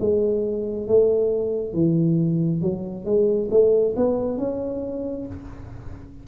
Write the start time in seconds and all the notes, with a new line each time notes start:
0.00 G#3
0.87 A3
1.73 E3
2.61 F#3
3.05 G#3
3.51 A3
3.96 B3
4.38 C#4